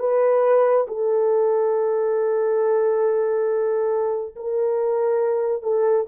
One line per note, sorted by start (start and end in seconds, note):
0.00 0.87 B4
0.88 4.36 A4
4.36 5.63 A#4
5.63 6.07 A4